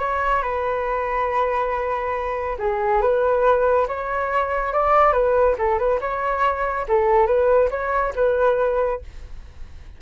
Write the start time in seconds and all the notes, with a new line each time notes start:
0.00 C#5
0.43 B4
2.59 G#4
3.02 B4
3.88 C#5
4.73 D5
5.13 B4
5.59 A4
5.79 B4
6.01 C#5
6.89 A4
7.27 B4
7.71 C#5
8.16 B4